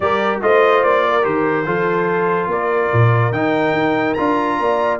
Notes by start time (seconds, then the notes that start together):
0.00 G3 G4 A#4 D5
0.41 A3 F4 C5 D#5
0.83 A#3 D5
1.06 A#4
1.22 D#3 G4 C5
1.65 F3 F4 A4
2.47 A#3 A#4 D5
2.93 A#2
3.31 D#3 D#4 G5
3.72 D#4
4.13 D4 F4 A#5
4.59 A#3 D5